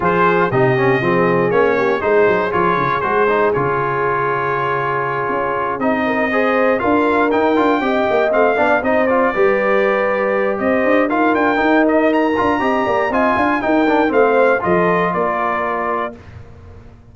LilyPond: <<
  \new Staff \with { instrumentName = "trumpet" } { \time 4/4 \tempo 4 = 119 c''4 dis''2 cis''4 | c''4 cis''4 c''4 cis''4~ | cis''2.~ cis''8 dis''8~ | dis''4. f''4 g''4.~ |
g''8 f''4 dis''8 d''2~ | d''4 dis''4 f''8 g''4 dis''8 | ais''2 gis''4 g''4 | f''4 dis''4 d''2 | }
  \new Staff \with { instrumentName = "horn" } { \time 4/4 gis'4 g'4 gis'4. g'8 | gis'1~ | gis'1 | ais'8 c''4 ais'2 dis''8~ |
dis''4 d''8 c''4 b'4.~ | b'4 c''4 ais'2~ | ais'4 dis''8 d''8 dis''8 f''8 ais'4 | c''4 a'4 ais'2 | }
  \new Staff \with { instrumentName = "trombone" } { \time 4/4 f'4 dis'8 cis'8 c'4 cis'4 | dis'4 f'4 fis'8 dis'8 f'4~ | f'2.~ f'8 dis'8~ | dis'8 gis'4 f'4 dis'8 f'8 g'8~ |
g'8 c'8 d'8 dis'8 f'8 g'4.~ | g'2 f'4 dis'4~ | dis'8 f'8 g'4 f'4 dis'8 d'8 | c'4 f'2. | }
  \new Staff \with { instrumentName = "tuba" } { \time 4/4 f4 c4 f4 ais4 | gis8 fis8 f8 cis8 gis4 cis4~ | cis2~ cis8 cis'4 c'8~ | c'4. d'4 dis'8 d'8 c'8 |
ais8 a8 b8 c'4 g4.~ | g4 c'8 d'8 dis'8 d'8 dis'4~ | dis'8 d'8 c'8 ais8 c'8 d'8 dis'4 | a4 f4 ais2 | }
>>